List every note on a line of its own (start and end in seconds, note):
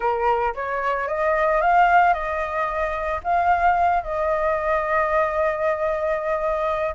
0.00 0.54 A#4
0.54 1.07 C#5
1.07 1.61 D#5
1.61 2.13 F5
2.13 3.20 D#5
3.23 4.03 F5
4.03 6.95 D#5